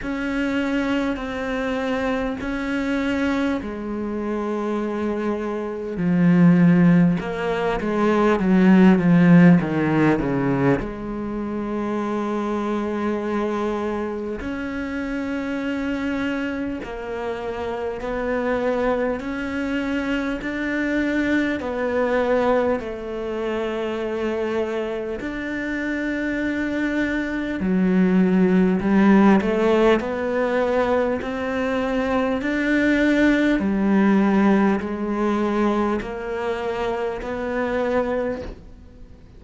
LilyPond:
\new Staff \with { instrumentName = "cello" } { \time 4/4 \tempo 4 = 50 cis'4 c'4 cis'4 gis4~ | gis4 f4 ais8 gis8 fis8 f8 | dis8 cis8 gis2. | cis'2 ais4 b4 |
cis'4 d'4 b4 a4~ | a4 d'2 fis4 | g8 a8 b4 c'4 d'4 | g4 gis4 ais4 b4 | }